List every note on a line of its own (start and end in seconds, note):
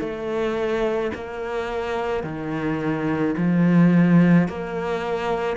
0.00 1.11 A3
1.15 2.24 A#3
2.24 3.35 D#3
3.38 4.48 F3
4.48 5.58 A#3